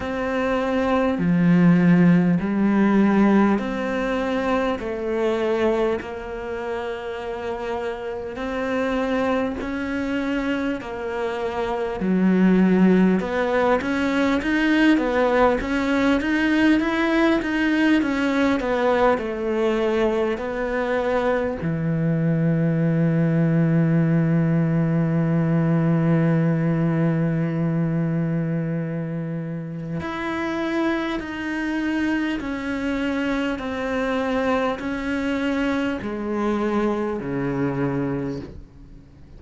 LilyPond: \new Staff \with { instrumentName = "cello" } { \time 4/4 \tempo 4 = 50 c'4 f4 g4 c'4 | a4 ais2 c'4 | cis'4 ais4 fis4 b8 cis'8 | dis'8 b8 cis'8 dis'8 e'8 dis'8 cis'8 b8 |
a4 b4 e2~ | e1~ | e4 e'4 dis'4 cis'4 | c'4 cis'4 gis4 cis4 | }